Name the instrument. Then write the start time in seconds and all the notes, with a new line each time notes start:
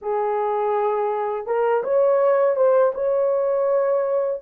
horn
0.01 G#4
1.46 A#4
1.83 C#5
2.55 C5
2.94 C#5